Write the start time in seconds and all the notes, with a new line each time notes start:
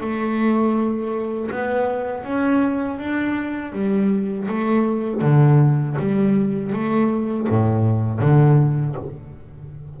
0.00 A3
1.50 B3
2.23 C#4
2.98 D4
3.72 G3
4.48 A3
5.21 D3
5.98 G3
6.72 A3
7.49 A2
8.20 D3